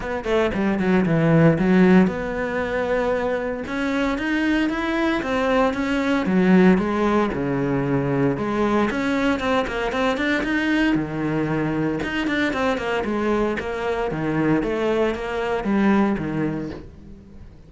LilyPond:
\new Staff \with { instrumentName = "cello" } { \time 4/4 \tempo 4 = 115 b8 a8 g8 fis8 e4 fis4 | b2. cis'4 | dis'4 e'4 c'4 cis'4 | fis4 gis4 cis2 |
gis4 cis'4 c'8 ais8 c'8 d'8 | dis'4 dis2 dis'8 d'8 | c'8 ais8 gis4 ais4 dis4 | a4 ais4 g4 dis4 | }